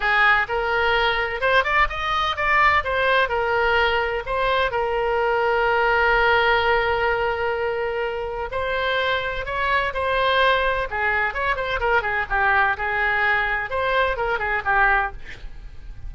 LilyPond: \new Staff \with { instrumentName = "oboe" } { \time 4/4 \tempo 4 = 127 gis'4 ais'2 c''8 d''8 | dis''4 d''4 c''4 ais'4~ | ais'4 c''4 ais'2~ | ais'1~ |
ais'2 c''2 | cis''4 c''2 gis'4 | cis''8 c''8 ais'8 gis'8 g'4 gis'4~ | gis'4 c''4 ais'8 gis'8 g'4 | }